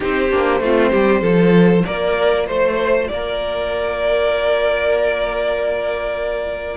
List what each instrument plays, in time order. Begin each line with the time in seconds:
0.00 cello C4, viola D#4, violin G4 C5
0.31 cello A#3, viola D4
0.60 cello A3, viola C4, violin F4
0.91 cello G3, violin G4
1.21 cello F3, viola F4, violin A4
1.85 cello A#3, violin A#4 D5
2.46 cello A3, violin C5
3.07 cello A#3, violin A#4 D5